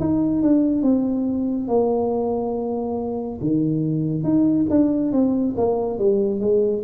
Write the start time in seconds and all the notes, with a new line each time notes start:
0.00 D#4
0.42 D4
0.83 C4
1.68 A#3
3.41 D#3
4.24 D#4
4.70 D4
5.12 C4
5.57 A#3
5.98 G3
6.40 G#3